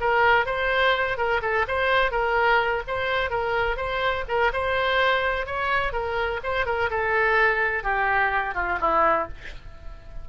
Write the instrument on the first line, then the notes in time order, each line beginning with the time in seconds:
oboe
0.00 A#4
0.46 C5
1.17 A#4
1.42 A4
1.68 C5
2.11 A#4
2.87 C5
3.30 A#4
3.77 C5
4.28 A#4
4.53 C5
5.46 C#5
5.92 A#4
6.43 C5
6.66 A#4
6.90 A4
7.83 G4
8.55 F4
8.80 E4